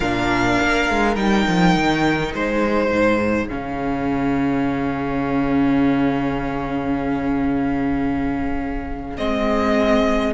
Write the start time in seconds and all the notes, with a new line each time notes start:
0.00 A#2 D4 A#4 F5
0.61 A#3
0.90 G#3
1.15 G3 D#4 G5
1.47 F3
1.76 D#3
2.32 G#3 G#4 C5
2.90 G#2
3.48 C#3 C#4 F5
9.17 G#3 C4 D#5